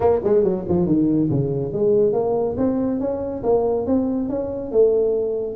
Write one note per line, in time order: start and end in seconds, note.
0.00 0.19 A#3
0.24 0.43 G#3
0.43 0.65 F#3
0.68 0.86 F3
0.86 1.29 D#3
1.30 1.73 C#3
1.73 2.13 G#3
2.13 2.55 A#3
2.57 3.00 C4
3.00 3.43 C#4
3.43 3.86 A#3
3.86 4.29 C4
4.29 4.71 C#4
4.71 5.56 A3